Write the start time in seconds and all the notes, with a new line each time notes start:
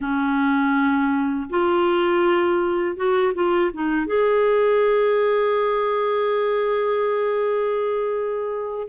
0.00 C#4
1.49 F4
2.96 F#4
3.34 F4
3.73 D#4
4.06 G#4